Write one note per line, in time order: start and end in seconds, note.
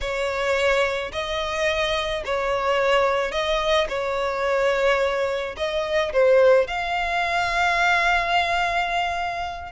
0.00 1.11 C#5
1.12 2.23 D#5
2.25 3.31 C#5
3.31 3.87 D#5
3.89 5.55 C#5
5.57 6.12 D#5
6.12 6.67 C5
6.67 9.72 F5